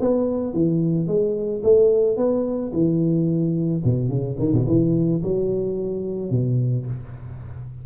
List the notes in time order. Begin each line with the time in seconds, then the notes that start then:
0.00 B3
0.53 E3
1.07 G#3
1.63 A3
2.17 B3
2.73 E3
3.84 B2
4.08 C#3
4.38 D#3
4.52 B2
4.67 E3
5.23 F#3
6.30 B2